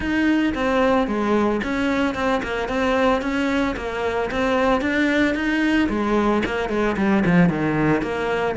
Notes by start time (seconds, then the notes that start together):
0.00 D#4
0.54 C4
1.07 G#3
1.63 C#4
2.14 C4
2.43 A#3
2.68 C4
3.21 C#4
3.76 A#3
4.31 C4
4.81 D4
5.34 D#4
5.89 G#3
6.45 A#3
6.69 G#3
6.96 G3
7.25 F3
7.49 D#3
8.01 A#3